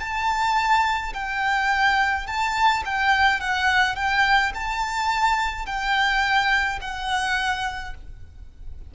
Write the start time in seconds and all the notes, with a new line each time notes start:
0.00 A5
1.14 G5
2.27 A5
2.85 G5
3.40 F#5
3.96 G5
4.54 A5
5.66 G5
6.81 F#5